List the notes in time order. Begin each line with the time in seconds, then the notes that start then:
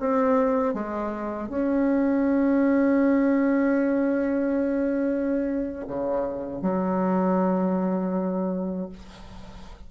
0.00 C4
0.74 G#3
1.49 C#4
5.88 C#3
6.62 F#3